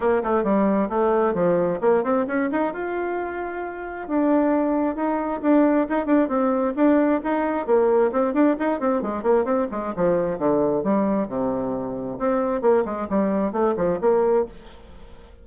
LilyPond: \new Staff \with { instrumentName = "bassoon" } { \time 4/4 \tempo 4 = 133 ais8 a8 g4 a4 f4 | ais8 c'8 cis'8 dis'8 f'2~ | f'4 d'2 dis'4 | d'4 dis'8 d'8 c'4 d'4 |
dis'4 ais4 c'8 d'8 dis'8 c'8 | gis8 ais8 c'8 gis8 f4 d4 | g4 c2 c'4 | ais8 gis8 g4 a8 f8 ais4 | }